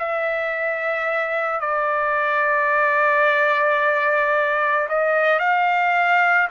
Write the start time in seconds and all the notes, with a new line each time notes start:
0.00 E5
1.61 D5
4.89 D#5
5.40 F5